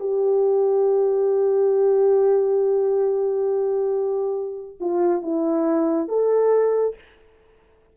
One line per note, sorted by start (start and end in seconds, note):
0.00 4.78 G4
4.81 5.23 F4
5.23 6.09 E4
6.09 6.96 A4